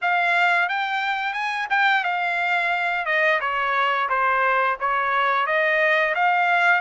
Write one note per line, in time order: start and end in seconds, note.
0.01 0.68 F5
0.68 1.33 G5
1.33 1.67 G#5
1.70 2.03 G5
2.03 3.05 F5
3.05 3.39 D#5
3.40 4.08 C#5
4.09 4.77 C5
4.79 5.46 C#5
5.46 6.14 D#5
6.14 6.81 F5